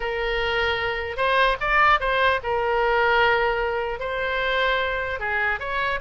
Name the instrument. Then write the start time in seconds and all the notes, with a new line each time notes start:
oboe
0.00 A#4
1.17 C5
1.60 D5
1.99 C5
2.43 A#4
3.99 C5
5.19 G#4
5.59 C#5